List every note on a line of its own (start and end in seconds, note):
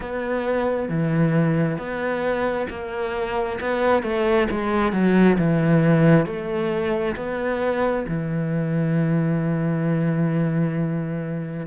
0.00 0.88 B3
0.88 1.77 E3
1.77 2.67 B3
2.69 3.59 A#3
3.60 4.03 B3
4.03 4.47 A3
4.51 4.92 G#3
4.92 5.37 F#3
5.38 6.26 E3
6.26 7.15 A3
7.16 8.05 B3
8.08 11.66 E3